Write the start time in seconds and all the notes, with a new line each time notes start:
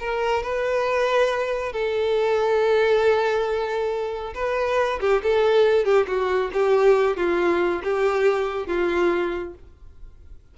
0.00 A#4
0.43 B4
1.73 A4
4.35 B4
5.01 G4
5.23 A4
5.85 G4
6.08 F#4
6.54 G4
7.17 F4
7.84 G4
8.67 F4